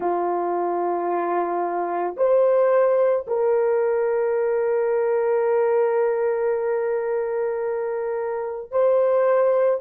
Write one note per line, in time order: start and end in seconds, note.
0.00 2.16 F4
2.17 3.26 C5
3.27 8.71 A#4
8.71 9.80 C5